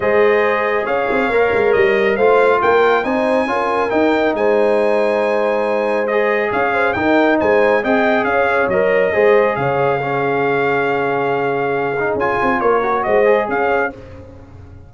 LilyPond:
<<
  \new Staff \with { instrumentName = "trumpet" } { \time 4/4 \tempo 4 = 138 dis''2 f''2 | dis''4 f''4 g''4 gis''4~ | gis''4 g''4 gis''2~ | gis''2 dis''4 f''4 |
g''4 gis''4 g''4 f''4 | dis''2 f''2~ | f''1 | gis''4 cis''4 dis''4 f''4 | }
  \new Staff \with { instrumentName = "horn" } { \time 4/4 c''2 cis''2~ | cis''4 c''4 ais'4 c''4 | ais'2 c''2~ | c''2. cis''8 c''8 |
ais'4 c''4 dis''4 cis''4~ | cis''4 c''4 cis''4 gis'4~ | gis'1~ | gis'4 ais'4 c''4 cis''4 | }
  \new Staff \with { instrumentName = "trombone" } { \time 4/4 gis'2. ais'4~ | ais'4 f'2 dis'4 | f'4 dis'2.~ | dis'2 gis'2 |
dis'2 gis'2 | ais'4 gis'2 cis'4~ | cis'2.~ cis'8 dis'8 | f'4. fis'4 gis'4. | }
  \new Staff \with { instrumentName = "tuba" } { \time 4/4 gis2 cis'8 c'8 ais8 gis8 | g4 a4 ais4 c'4 | cis'4 dis'4 gis2~ | gis2. cis'4 |
dis'4 gis4 c'4 cis'4 | fis4 gis4 cis2~ | cis1 | cis'8 c'8 ais4 gis4 cis'4 | }
>>